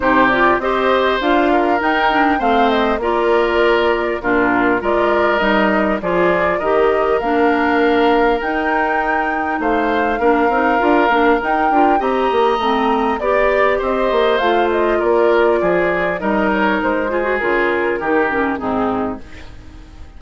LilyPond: <<
  \new Staff \with { instrumentName = "flute" } { \time 4/4 \tempo 4 = 100 c''8 d''8 dis''4 f''4 g''4 | f''8 dis''8 d''2 ais'4 | d''4 dis''4 d''4 dis''4 | f''2 g''2 |
f''2. g''4 | ais''2 d''4 dis''4 | f''8 dis''8 d''2 dis''8 cis''8 | c''4 ais'2 gis'4 | }
  \new Staff \with { instrumentName = "oboe" } { \time 4/4 g'4 c''4. ais'4. | c''4 ais'2 f'4 | ais'2 gis'4 ais'4~ | ais'1 |
c''4 ais'2. | dis''2 d''4 c''4~ | c''4 ais'4 gis'4 ais'4~ | ais'8 gis'4. g'4 dis'4 | }
  \new Staff \with { instrumentName = "clarinet" } { \time 4/4 dis'8 f'8 g'4 f'4 dis'8 d'8 | c'4 f'2 d'4 | f'4 dis'4 f'4 g'4 | d'2 dis'2~ |
dis'4 d'8 dis'8 f'8 d'8 dis'8 f'8 | g'4 c'4 g'2 | f'2. dis'4~ | dis'8 f'16 fis'16 f'4 dis'8 cis'8 c'4 | }
  \new Staff \with { instrumentName = "bassoon" } { \time 4/4 c4 c'4 d'4 dis'4 | a4 ais2 ais,4 | gis4 g4 f4 dis4 | ais2 dis'2 |
a4 ais8 c'8 d'8 ais8 dis'8 d'8 | c'8 ais8 a4 b4 c'8 ais8 | a4 ais4 f4 g4 | gis4 cis4 dis4 gis,4 | }
>>